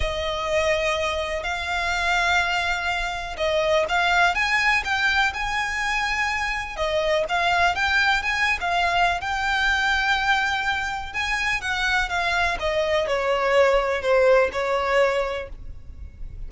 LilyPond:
\new Staff \with { instrumentName = "violin" } { \time 4/4 \tempo 4 = 124 dis''2. f''4~ | f''2. dis''4 | f''4 gis''4 g''4 gis''4~ | gis''2 dis''4 f''4 |
g''4 gis''8. f''4~ f''16 g''4~ | g''2. gis''4 | fis''4 f''4 dis''4 cis''4~ | cis''4 c''4 cis''2 | }